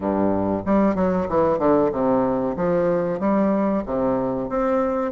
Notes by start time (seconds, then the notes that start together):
0.00 G2
0.65 G3
0.95 F#3
1.29 E3
1.58 D3
1.91 C3
2.56 F3
3.19 G3
3.85 C3
4.49 C4